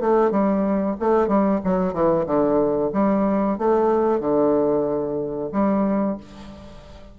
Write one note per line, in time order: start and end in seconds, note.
0.00 0.31 A3
0.31 0.96 G3
1.00 1.28 A3
1.28 1.60 G3
1.64 1.93 F#3
1.93 2.26 E3
2.26 2.91 D3
2.93 3.58 G3
3.58 4.20 A3
4.20 5.50 D3
5.52 6.17 G3